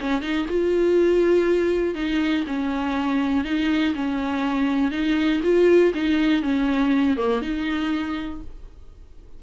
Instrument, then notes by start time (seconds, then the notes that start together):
viola
0.00 C#4
0.21 D#4
0.48 F4
1.95 D#4
2.47 C#4
3.44 D#4
3.95 C#4
4.91 D#4
5.43 F4
5.94 D#4
6.42 C#4
7.17 A#3
7.41 D#4